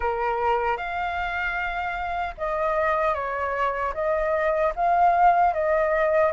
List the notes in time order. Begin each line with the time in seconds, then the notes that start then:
0.00 A#4
0.77 F5
2.37 D#5
3.14 C#5
3.94 D#5
4.75 F5
5.53 D#5